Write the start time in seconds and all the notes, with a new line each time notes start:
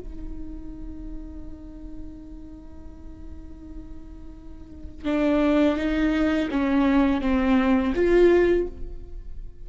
0.00 D#4
5.06 D4
5.77 D#4
6.51 C#4
7.21 C4
7.95 F4